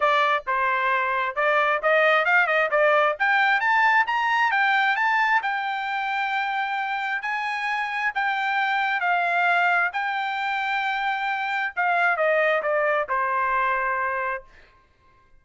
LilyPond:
\new Staff \with { instrumentName = "trumpet" } { \time 4/4 \tempo 4 = 133 d''4 c''2 d''4 | dis''4 f''8 dis''8 d''4 g''4 | a''4 ais''4 g''4 a''4 | g''1 |
gis''2 g''2 | f''2 g''2~ | g''2 f''4 dis''4 | d''4 c''2. | }